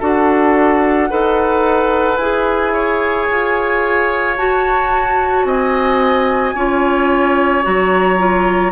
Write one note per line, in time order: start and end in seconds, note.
0.00 1.10 D4
0.00 1.10 F#4
0.00 1.09 A4
0.00 2.17 F#5
1.10 2.18 D#4
1.10 2.20 A4
1.10 2.73 B4
2.17 3.27 E4
2.17 4.38 G#4
2.17 4.35 G#5
2.73 5.46 C#5
3.31 4.38 F4
4.37 6.56 F#4
4.37 5.45 F#4
4.37 5.46 A5
5.45 6.54 C4
5.45 6.55 D#5
5.45 7.64 G#5
6.55 7.64 C#4
6.55 7.63 F4
6.55 8.73 C#5
7.63 8.73 F#3
7.63 8.17 F#4
7.63 8.73 A#5
8.18 8.73 F4